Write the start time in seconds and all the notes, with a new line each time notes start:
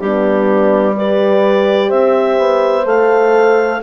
0.00 G3 B3 D4 G4
0.96 G4 B4 D5
1.88 C4 C5 E5
2.38 B3
2.84 A3 A4 F5